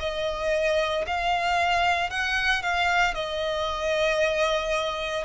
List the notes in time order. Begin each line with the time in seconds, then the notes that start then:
0.00 D#5
1.07 F5
2.10 F#5
2.63 F5
3.14 D#5